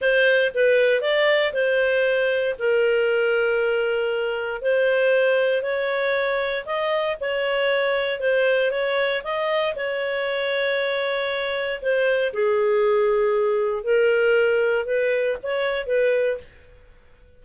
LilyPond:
\new Staff \with { instrumentName = "clarinet" } { \time 4/4 \tempo 4 = 117 c''4 b'4 d''4 c''4~ | c''4 ais'2.~ | ais'4 c''2 cis''4~ | cis''4 dis''4 cis''2 |
c''4 cis''4 dis''4 cis''4~ | cis''2. c''4 | gis'2. ais'4~ | ais'4 b'4 cis''4 b'4 | }